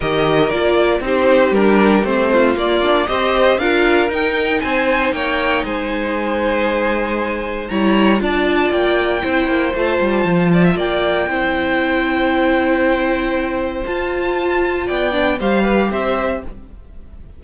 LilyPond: <<
  \new Staff \with { instrumentName = "violin" } { \time 4/4 \tempo 4 = 117 dis''4 d''4 c''4 ais'4 | c''4 d''4 dis''4 f''4 | g''4 gis''4 g''4 gis''4~ | gis''2. ais''4 |
a''4 g''2 a''4~ | a''4 g''2.~ | g''2. a''4~ | a''4 g''4 f''4 e''4 | }
  \new Staff \with { instrumentName = "violin" } { \time 4/4 ais'2 g'2~ | g'8 f'4. c''4 ais'4~ | ais'4 c''4 cis''4 c''4~ | c''2. cis''4 |
d''2 c''2~ | c''8 d''16 e''16 d''4 c''2~ | c''1~ | c''4 d''4 c''8 b'8 c''4 | }
  \new Staff \with { instrumentName = "viola" } { \time 4/4 g'4 f'4 dis'4 d'4 | c'4 ais8 d'8 g'4 f'4 | dis'1~ | dis'2. e'4 |
f'2 e'4 f'4~ | f'2 e'2~ | e'2. f'4~ | f'4. d'8 g'2 | }
  \new Staff \with { instrumentName = "cello" } { \time 4/4 dis4 ais4 c'4 g4 | a4 ais4 c'4 d'4 | dis'4 c'4 ais4 gis4~ | gis2. g4 |
d'4 ais4 c'8 ais8 a8 g8 | f4 ais4 c'2~ | c'2. f'4~ | f'4 b4 g4 c'4 | }
>>